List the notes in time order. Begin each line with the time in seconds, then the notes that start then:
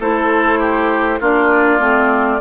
0.00 A3 E4 A4 C5
0.59 G4
1.21 A#3 D4 F4 D5
1.79 A3 C4